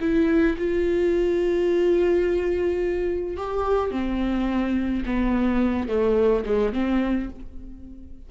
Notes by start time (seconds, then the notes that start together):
0.00 E4
0.58 F4
3.37 G4
3.91 C4
5.05 B3
5.88 A3
6.45 G#3
6.73 C4